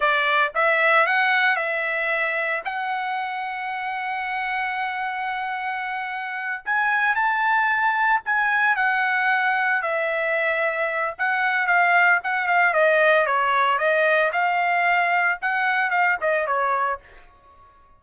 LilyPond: \new Staff \with { instrumentName = "trumpet" } { \time 4/4 \tempo 4 = 113 d''4 e''4 fis''4 e''4~ | e''4 fis''2.~ | fis''1~ | fis''8 gis''4 a''2 gis''8~ |
gis''8 fis''2 e''4.~ | e''4 fis''4 f''4 fis''8 f''8 | dis''4 cis''4 dis''4 f''4~ | f''4 fis''4 f''8 dis''8 cis''4 | }